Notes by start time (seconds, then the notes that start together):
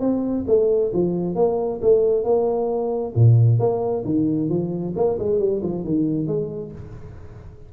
0.00 C4
0.47 A3
0.93 F3
1.35 A#3
1.82 A3
2.24 A#3
3.15 A#2
3.59 A#3
4.04 D#3
4.49 F3
4.96 A#3
5.19 G#3
5.39 G3
5.62 F3
5.84 D#3
6.27 G#3